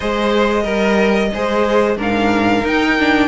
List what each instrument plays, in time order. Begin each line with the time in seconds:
0.00 cello G#3, viola G#4, violin C5 D#5
0.62 cello G3, viola A#4, violin A#4
1.33 cello G#3, viola G#4, violin C5
1.96 cello G#2, viola D4, violin A#4 F5
2.63 cello D#4, viola D#4, violin G5
2.98 viola D4